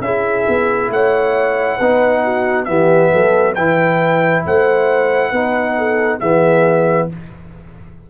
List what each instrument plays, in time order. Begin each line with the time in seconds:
0.00 tuba C#4, trombone E4, horn G#4, trumpet E5
0.47 tuba B3
0.89 tuba A3, horn C#5, trumpet F#5
1.76 tuba B3, trombone D#4, horn B4
2.23 horn F#4
2.65 tuba E3, trombone B3, horn G4, trumpet E5
3.12 tuba F#3, horn A4
3.55 tuba E3, trombone E4, horn B4, trumpet G5
4.45 tuba A3, horn C5, trumpet F#5
5.30 tuba B3, trombone D#4, horn B4
5.77 horn A4
6.19 tuba E3, trombone B3, horn G#4, trumpet E5